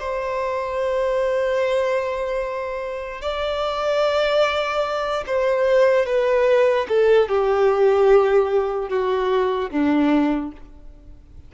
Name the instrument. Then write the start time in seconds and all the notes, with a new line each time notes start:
violin
0.00 C5
3.22 D5
5.27 C5
6.06 B4
6.89 A4
7.29 G4
8.89 F#4
9.71 D4